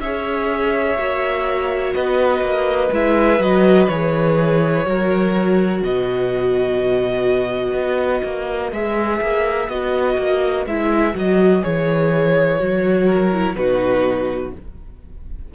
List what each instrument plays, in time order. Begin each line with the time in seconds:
0.00 cello C#4, viola G#4, violin C#5 E5
0.98 cello A#3, viola F#4
1.95 cello B3, violin B4 D#5
2.41 cello A#3
2.92 cello G#3, viola E4, violin E5
3.40 cello F#3, viola F#4, violin D#5
3.88 cello E3, viola G#4, violin C#5
4.85 cello F#3, viola F#4, violin A#4
5.83 cello B2, violin B4 D#5
7.74 cello B3
8.24 cello A#3
8.72 cello G#3, viola G#4, violin E5
9.22 cello A#3
9.68 cello B3, viola F#4, violin D#5
10.18 cello A#3
10.66 cello G#3, viola E4, violin E5
11.14 cello F#3, viola F#4, violin D#5
11.62 cello E3, viola G#4, violin C#5
12.59 cello F#3, viola F#4
13.07 violin A#4
13.33 viola E4
13.56 cello B2, viola D#4, violin F#4 B4